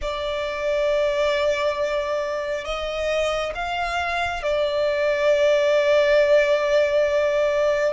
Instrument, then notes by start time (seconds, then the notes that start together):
violin
0.01 D5
2.64 D#5
3.55 F5
4.42 D5